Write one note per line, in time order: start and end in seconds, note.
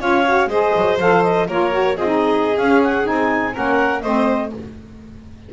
0.00 0.47 C#4
0.00 0.24 F4
0.00 0.49 C#5
0.00 0.49 F5
0.26 0.51 F#4
0.47 0.71 G#3
0.47 0.99 G#4
0.47 1.47 C5
0.47 0.98 D#5
0.76 1.00 F#3
0.99 1.48 F3
0.99 1.48 A4
0.99 1.23 F5
1.23 1.47 D#5
1.48 1.96 A#3
1.48 1.72 F4
1.48 1.96 A#4
1.48 1.98 C#5
1.72 1.96 F#4
1.96 2.57 C4
1.96 2.06 F4
1.96 3.53 G#4
1.96 2.58 D#5
2.06 2.55 D#4
2.58 3.07 C#4
2.58 3.04 C#4
2.58 2.83 F5
2.83 3.07 F#5
3.04 3.56 C4
3.04 3.53 D#4
3.04 3.56 G#5
3.53 4.03 A#3
3.53 4.02 C#4
3.53 4.02 A#4
3.53 4.01 F#5
4.01 4.52 A3
4.01 4.53 C4
4.01 4.51 C5
4.01 4.50 D#5